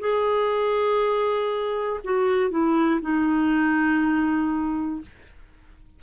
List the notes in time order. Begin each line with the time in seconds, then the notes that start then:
0.00 G#4
2.04 F#4
2.50 E4
3.01 D#4